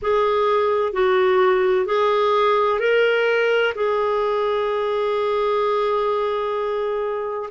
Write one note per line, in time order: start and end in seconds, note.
0.02 0.92 G#4
0.92 1.85 F#4
1.85 2.79 G#4
2.79 3.73 A#4
3.74 7.49 G#4